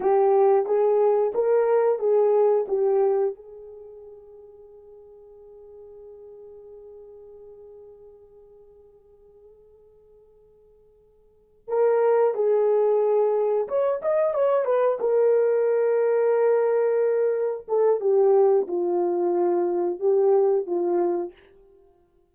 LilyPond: \new Staff \with { instrumentName = "horn" } { \time 4/4 \tempo 4 = 90 g'4 gis'4 ais'4 gis'4 | g'4 gis'2.~ | gis'1~ | gis'1~ |
gis'4. ais'4 gis'4.~ | gis'8 cis''8 dis''8 cis''8 b'8 ais'4.~ | ais'2~ ais'8 a'8 g'4 | f'2 g'4 f'4 | }